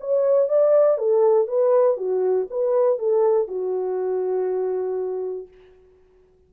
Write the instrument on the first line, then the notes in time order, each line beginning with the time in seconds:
horn
0.00 C#5
0.48 D5
0.97 A4
1.47 B4
1.97 F#4
2.50 B4
2.98 A4
3.48 F#4